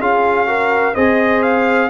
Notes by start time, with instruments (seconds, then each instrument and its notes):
0.00 tuba C#4, trombone F4, horn G#4, trumpet F5
0.47 trombone F#4, horn A#4
0.94 tuba C4, trombone G#4, horn C5, trumpet D#5
1.43 trumpet F5